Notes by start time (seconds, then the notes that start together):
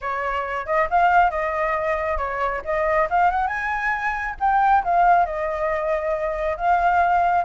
0.01 C#5
0.66 D#5
0.90 F5
1.30 D#5
2.17 C#5
2.64 D#5
3.10 F5
3.30 F#5
3.47 G#5
4.40 G5
4.84 F5
5.25 D#5
6.56 F5